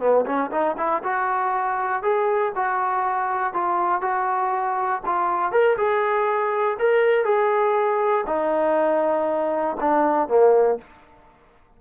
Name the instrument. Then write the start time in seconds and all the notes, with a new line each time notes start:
trombone
0.00 B3
0.26 C#4
0.51 D#4
0.77 E4
1.03 F#4
2.03 G#4
2.55 F#4
3.53 F4
4.01 F#4
5.06 F4
5.52 A#4
5.77 G#4
6.79 A#4
7.25 G#4
8.27 D#4
9.80 D4
10.28 A#3